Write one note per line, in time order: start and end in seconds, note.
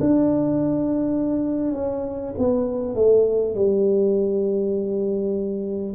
0.00 1.74 D4
1.74 2.34 C#4
2.38 2.95 B3
2.95 3.55 A3
3.55 5.95 G3